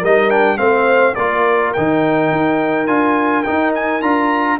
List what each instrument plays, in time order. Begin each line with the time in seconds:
0.00 tuba G3, horn A#4, trumpet D#5
0.07 trombone D#4
0.30 trombone D4, trumpet G5
0.58 tuba A3, trombone C4, horn C5, trumpet F5
1.15 tuba A#3, trombone F4, horn A#4, trumpet D5
1.74 tuba D#3, trombone D#4, trumpet G5
2.32 tuba D#4
2.87 tuba D4, trombone F4, trumpet G#5
3.44 trombone D#4, tuba D#4, trumpet G5
3.75 trumpet G#5
4.02 tuba D4, trombone F4, trumpet A#5